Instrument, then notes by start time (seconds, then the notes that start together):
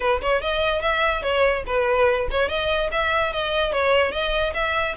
violin
0.00 B4
0.21 C#5
0.41 D#5
0.81 E5
1.22 C#5
1.66 B4
2.30 C#5
2.48 D#5
2.91 E5
3.32 D#5
3.72 C#5
4.11 D#5
4.53 E5